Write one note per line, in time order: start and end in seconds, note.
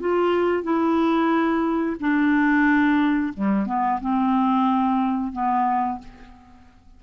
0.00 0.63 F4
0.63 1.96 E4
2.00 3.33 D4
3.34 3.66 G3
3.66 3.99 B3
4.01 5.32 C4
5.32 5.99 B3